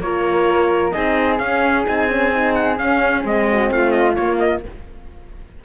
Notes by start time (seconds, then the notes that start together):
0.00 A#3 F4 A#4 C#5
0.92 C4 D#4 G#4 D#5
1.39 C#4 F5
1.87 C4 D#4 G#5
2.09 C#4
2.33 D#4
2.55 F#5
2.77 C#4 F5
3.22 G#3 C4 D#5
3.48 F#4
3.72 A3 F4 F5
3.92 D#5
4.16 A#3 C#5
4.40 D#5